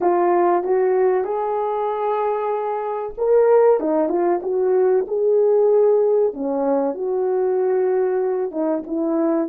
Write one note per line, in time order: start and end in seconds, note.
0.00 0.63 F4
0.63 1.24 F#4
1.24 3.13 G#4
3.18 3.80 A#4
3.80 4.08 D#4
4.08 4.40 F4
4.42 5.05 F#4
5.07 6.33 G#4
6.33 6.94 C#4
6.94 8.51 F#4
8.51 8.82 D#4
8.87 9.49 E4